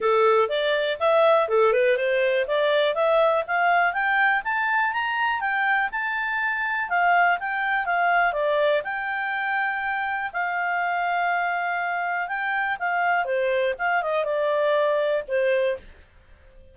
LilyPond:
\new Staff \with { instrumentName = "clarinet" } { \time 4/4 \tempo 4 = 122 a'4 d''4 e''4 a'8 b'8 | c''4 d''4 e''4 f''4 | g''4 a''4 ais''4 g''4 | a''2 f''4 g''4 |
f''4 d''4 g''2~ | g''4 f''2.~ | f''4 g''4 f''4 c''4 | f''8 dis''8 d''2 c''4 | }